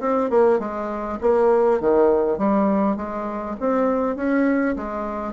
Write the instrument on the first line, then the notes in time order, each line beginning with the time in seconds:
bassoon
0.00 C4
0.30 A#3
0.59 G#3
1.21 A#3
1.80 D#3
2.38 G3
2.96 G#3
3.60 C4
4.16 C#4
4.76 G#3